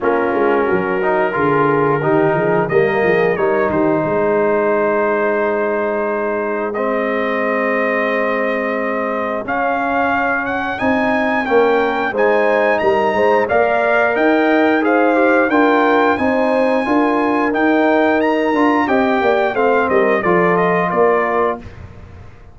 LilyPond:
<<
  \new Staff \with { instrumentName = "trumpet" } { \time 4/4 \tempo 4 = 89 ais'1 | dis''4 cis''8 c''2~ c''8~ | c''2 dis''2~ | dis''2 f''4. fis''8 |
gis''4 g''4 gis''4 ais''4 | f''4 g''4 f''4 g''4 | gis''2 g''4 ais''4 | g''4 f''8 dis''8 d''8 dis''8 d''4 | }
  \new Staff \with { instrumentName = "horn" } { \time 4/4 f'4 fis'4 gis'4 g'8 gis'8 | ais'8 gis'8 ais'8 g'8 gis'2~ | gis'1~ | gis'1~ |
gis'4 ais'4 c''4 ais'8 c''8 | d''4 dis''4 c''4 ais'4 | c''4 ais'2. | dis''8 d''8 c''8 ais'8 a'4 ais'4 | }
  \new Staff \with { instrumentName = "trombone" } { \time 4/4 cis'4. dis'8 f'4 dis'4 | ais4 dis'2.~ | dis'2 c'2~ | c'2 cis'2 |
dis'4 cis'4 dis'2 | ais'2 gis'8 g'8 f'4 | dis'4 f'4 dis'4. f'8 | g'4 c'4 f'2 | }
  \new Staff \with { instrumentName = "tuba" } { \time 4/4 ais8 gis8 fis4 d4 dis8 f8 | g8 f8 g8 dis8 gis2~ | gis1~ | gis2 cis'2 |
c'4 ais4 gis4 g8 gis8 | ais4 dis'2 d'4 | c'4 d'4 dis'4. d'8 | c'8 ais8 a8 g8 f4 ais4 | }
>>